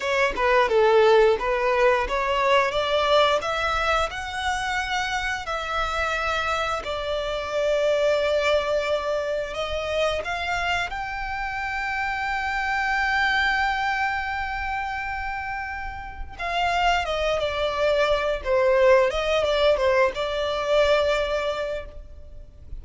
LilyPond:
\new Staff \with { instrumentName = "violin" } { \time 4/4 \tempo 4 = 88 cis''8 b'8 a'4 b'4 cis''4 | d''4 e''4 fis''2 | e''2 d''2~ | d''2 dis''4 f''4 |
g''1~ | g''1 | f''4 dis''8 d''4. c''4 | dis''8 d''8 c''8 d''2~ d''8 | }